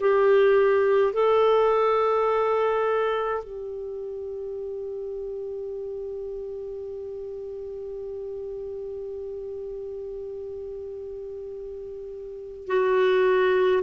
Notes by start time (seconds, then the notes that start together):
0.00 G4
1.13 A4
3.44 G4
12.67 F#4